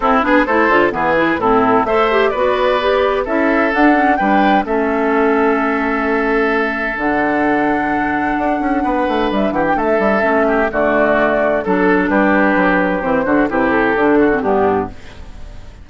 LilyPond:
<<
  \new Staff \with { instrumentName = "flute" } { \time 4/4 \tempo 4 = 129 a'8 b'8 c''4 b'4 a'4 | e''4 d''2 e''4 | fis''4 g''4 e''2~ | e''2. fis''4~ |
fis''1 | e''8 fis''16 g''16 e''2 d''4~ | d''4 a'4 b'2 | c''4 b'8 a'4. g'4 | }
  \new Staff \with { instrumentName = "oboe" } { \time 4/4 e'8 gis'8 a'4 gis'4 e'4 | c''4 b'2 a'4~ | a'4 b'4 a'2~ | a'1~ |
a'2. b'4~ | b'8 g'8 a'4. g'8 fis'4~ | fis'4 a'4 g'2~ | g'8 fis'8 g'4. fis'8 d'4 | }
  \new Staff \with { instrumentName = "clarinet" } { \time 4/4 c'8 d'8 e'8 f'8 b8 e'8 c'4 | a'8 g'8 fis'4 g'4 e'4 | d'8 cis'8 d'4 cis'2~ | cis'2. d'4~ |
d'1~ | d'2 cis'4 a4~ | a4 d'2. | c'8 d'8 e'4 d'8. c'16 b4 | }
  \new Staff \with { instrumentName = "bassoon" } { \time 4/4 c'8 b8 a8 d8 e4 a,4 | a4 b2 cis'4 | d'4 g4 a2~ | a2. d4~ |
d2 d'8 cis'8 b8 a8 | g8 e8 a8 g8 a4 d4~ | d4 fis4 g4 fis4 | e8 d8 c4 d4 g,4 | }
>>